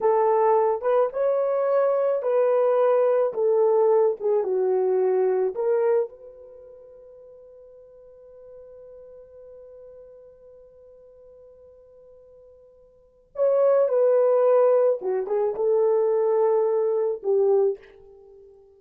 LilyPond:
\new Staff \with { instrumentName = "horn" } { \time 4/4 \tempo 4 = 108 a'4. b'8 cis''2 | b'2 a'4. gis'8 | fis'2 ais'4 b'4~ | b'1~ |
b'1~ | b'1 | cis''4 b'2 fis'8 gis'8 | a'2. g'4 | }